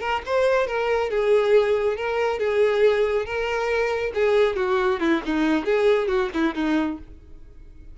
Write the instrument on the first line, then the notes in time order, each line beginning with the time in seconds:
violin
0.00 A#4
0.25 C5
0.67 A#4
1.10 G#4
1.96 A#4
2.39 G#4
3.25 A#4
4.14 G#4
4.56 F#4
5.00 E4
5.25 D#4
5.65 G#4
6.08 F#4
6.33 E4
6.55 D#4